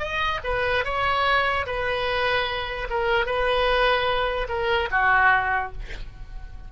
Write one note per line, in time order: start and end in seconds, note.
0.00 0.41 D#5
0.45 0.85 B4
0.85 1.66 C#5
1.67 2.89 B4
2.90 3.27 A#4
3.27 4.48 B4
4.49 4.89 A#4
4.92 5.73 F#4